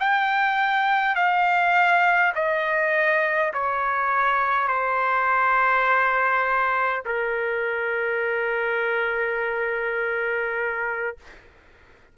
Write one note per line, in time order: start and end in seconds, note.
0.00 1.16 G5
1.16 2.34 F5
2.35 3.53 D#5
3.54 4.68 C#5
4.68 7.04 C5
7.06 11.18 A#4